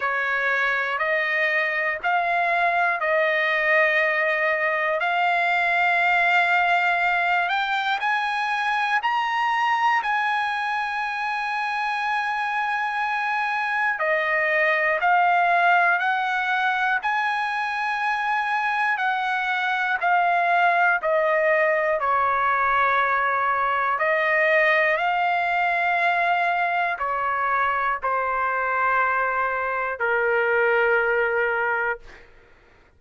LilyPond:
\new Staff \with { instrumentName = "trumpet" } { \time 4/4 \tempo 4 = 60 cis''4 dis''4 f''4 dis''4~ | dis''4 f''2~ f''8 g''8 | gis''4 ais''4 gis''2~ | gis''2 dis''4 f''4 |
fis''4 gis''2 fis''4 | f''4 dis''4 cis''2 | dis''4 f''2 cis''4 | c''2 ais'2 | }